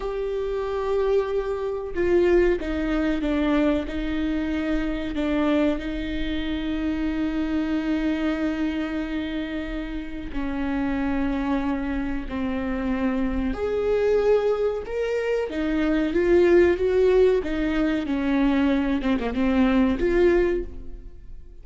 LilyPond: \new Staff \with { instrumentName = "viola" } { \time 4/4 \tempo 4 = 93 g'2. f'4 | dis'4 d'4 dis'2 | d'4 dis'2.~ | dis'1 |
cis'2. c'4~ | c'4 gis'2 ais'4 | dis'4 f'4 fis'4 dis'4 | cis'4. c'16 ais16 c'4 f'4 | }